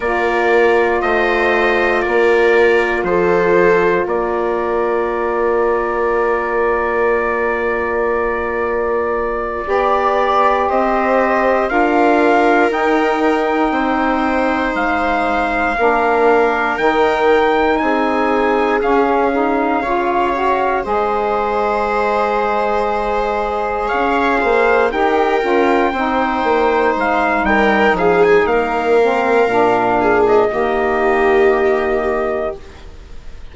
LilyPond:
<<
  \new Staff \with { instrumentName = "trumpet" } { \time 4/4 \tempo 4 = 59 d''4 dis''4 d''4 c''4 | d''1~ | d''2~ d''8 dis''4 f''8~ | f''8 g''2 f''4.~ |
f''8 g''4 gis''4 f''4.~ | f''8 dis''2. f''8~ | f''8 g''2 f''8 g''8 f''16 gis''16 | f''4.~ f''16 dis''2~ dis''16 | }
  \new Staff \with { instrumentName = "viola" } { \time 4/4 ais'4 c''4 ais'4 a'4 | ais'1~ | ais'4. d''4 c''4 ais'8~ | ais'4. c''2 ais'8~ |
ais'4. gis'2 cis''8~ | cis''8 c''2. cis''8 | c''8 ais'4 c''4. ais'8 gis'8 | ais'4. gis'8 g'2 | }
  \new Staff \with { instrumentName = "saxophone" } { \time 4/4 f'1~ | f'1~ | f'4. g'2 f'8~ | f'8 dis'2. d'8~ |
d'8 dis'2 cis'8 dis'8 f'8 | fis'8 gis'2.~ gis'8~ | gis'8 g'8 f'8 dis'2~ dis'8~ | dis'8 c'8 d'4 ais2 | }
  \new Staff \with { instrumentName = "bassoon" } { \time 4/4 ais4 a4 ais4 f4 | ais1~ | ais4. b4 c'4 d'8~ | d'8 dis'4 c'4 gis4 ais8~ |
ais8 dis4 c'4 cis'4 cis8~ | cis8 gis2. cis'8 | ais8 dis'8 cis'8 c'8 ais8 gis8 g8 f8 | ais4 ais,4 dis2 | }
>>